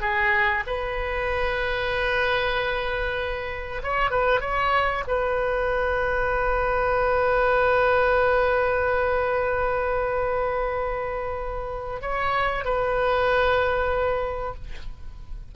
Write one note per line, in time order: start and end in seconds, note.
0.00 0.63 G#4
0.66 3.82 B4
3.82 4.10 C#5
4.10 4.40 B4
4.40 5.03 C#5
5.07 12.01 B4
12.01 12.64 C#5
12.64 14.54 B4